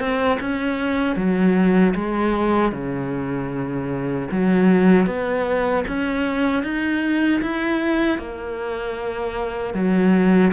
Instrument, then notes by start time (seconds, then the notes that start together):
cello
0.00 C4
0.40 C#4
1.16 F#3
1.95 G#3
2.72 C#3
4.31 F#3
5.07 B3
5.88 C#4
6.63 D#4
7.42 E4
8.19 A#3
9.74 F#3